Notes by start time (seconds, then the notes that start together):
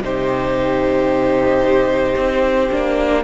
0.00 C3 D#4 G4 C5
2.15 C4
2.71 A#3 D4